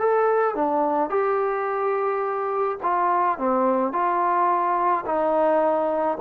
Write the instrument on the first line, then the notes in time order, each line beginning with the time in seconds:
trombone
0.00 A4
0.55 D4
1.10 G4
2.83 F4
3.39 C4
3.93 F4
5.06 D#4